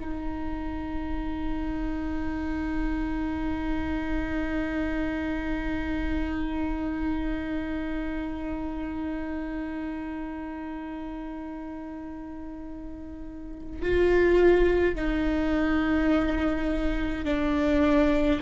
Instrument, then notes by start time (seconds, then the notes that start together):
viola
0.00 D#4
13.82 F4
14.95 D#4
17.25 D4